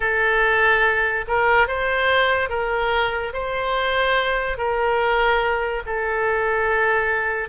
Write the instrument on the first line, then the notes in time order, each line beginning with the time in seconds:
oboe
0.00 A4
1.27 A#4
1.67 C5
2.49 A#4
3.33 C5
4.57 A#4
5.86 A4